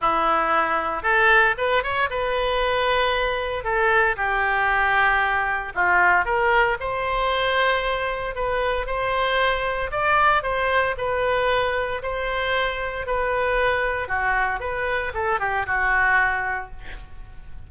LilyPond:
\new Staff \with { instrumentName = "oboe" } { \time 4/4 \tempo 4 = 115 e'2 a'4 b'8 cis''8 | b'2. a'4 | g'2. f'4 | ais'4 c''2. |
b'4 c''2 d''4 | c''4 b'2 c''4~ | c''4 b'2 fis'4 | b'4 a'8 g'8 fis'2 | }